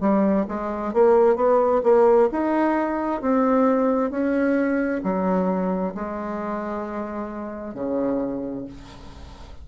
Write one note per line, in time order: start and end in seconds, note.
0.00 0.45 G3
0.48 0.93 G#3
0.93 1.36 A#3
1.36 1.81 B3
1.83 2.29 A#3
2.31 3.21 D#4
3.21 4.10 C4
4.10 5.01 C#4
5.03 5.94 F#3
5.94 7.74 G#3
7.74 8.65 C#3